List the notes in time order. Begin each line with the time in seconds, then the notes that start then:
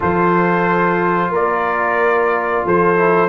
0.00 F3 F4 A4 C5
1.30 A#3 A#4 D5
2.65 F3 A4 C5
2.95 E4